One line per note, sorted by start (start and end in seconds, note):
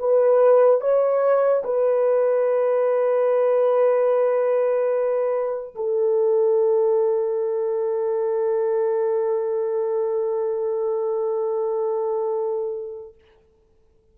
0.00 0.81 B4
0.81 1.64 C#5
1.64 5.75 B4
5.76 13.15 A4